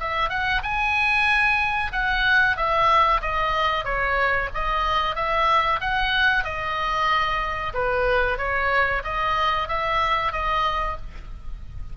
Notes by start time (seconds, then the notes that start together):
0.00 E5
0.30 F#5
0.63 G#5
1.92 F#5
2.57 E5
3.22 D#5
3.85 C#5
4.54 D#5
5.16 E5
5.81 F#5
6.45 D#5
7.74 B4
8.38 C#5
9.04 D#5
9.68 E5
10.33 D#5